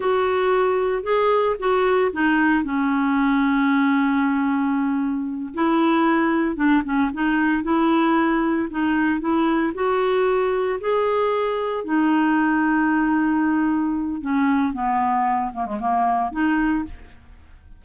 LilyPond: \new Staff \with { instrumentName = "clarinet" } { \time 4/4 \tempo 4 = 114 fis'2 gis'4 fis'4 | dis'4 cis'2.~ | cis'2~ cis'8 e'4.~ | e'8 d'8 cis'8 dis'4 e'4.~ |
e'8 dis'4 e'4 fis'4.~ | fis'8 gis'2 dis'4.~ | dis'2. cis'4 | b4. ais16 gis16 ais4 dis'4 | }